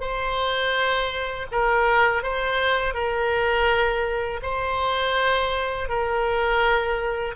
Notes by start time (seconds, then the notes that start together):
0.00 C5
1.51 A#4
2.23 C5
2.94 A#4
4.42 C5
5.88 A#4